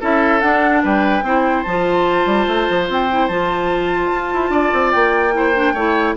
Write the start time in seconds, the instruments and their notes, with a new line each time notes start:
0.00 bassoon C#4, clarinet E4, oboe A4, flute E5
0.41 clarinet D4, bassoon D4, flute F#5
0.83 bassoon G3, oboe B4, flute G5
1.22 bassoon C4, clarinet E4, oboe C5
1.63 bassoon F3, clarinet F4, flute A5
2.25 bassoon G3
2.47 bassoon A3
2.69 bassoon F3
2.89 bassoon C4, flute G5
3.10 clarinet E4
3.28 bassoon F3, clarinet F4, flute A5
4.13 bassoon F4
4.33 bassoon E4
4.49 bassoon D4, oboe D5
4.73 bassoon C4
4.91 bassoon A#3, flute G5
5.32 clarinet E4, oboe C5
5.54 clarinet D4
5.73 bassoon A3, clarinet E4, oboe C#5